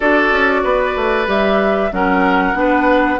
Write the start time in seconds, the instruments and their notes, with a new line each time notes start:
0.00 bassoon D4, clarinet F#4, oboe A4, flute D5
0.31 bassoon C#4
0.63 bassoon B3, oboe B4
0.95 bassoon A3
1.26 bassoon G3, clarinet G4, flute E5
1.91 bassoon F#3, clarinet C#4, oboe A#4, flute F#5
2.54 bassoon B3, clarinet D4, oboe B4